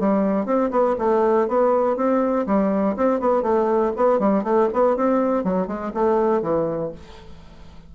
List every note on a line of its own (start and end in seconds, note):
0.00 0.46 G3
0.46 0.71 C4
0.71 0.96 B3
0.99 1.48 A3
1.48 1.97 B3
1.97 2.47 C4
2.47 2.96 G3
2.97 3.21 C4
3.21 3.43 B3
3.43 3.92 A3
3.97 4.19 B3
4.19 4.44 G3
4.44 4.69 A3
4.74 4.97 B3
4.97 5.44 C4
5.44 5.68 F#3
5.68 5.92 G#3
5.94 6.43 A3
6.43 6.92 E3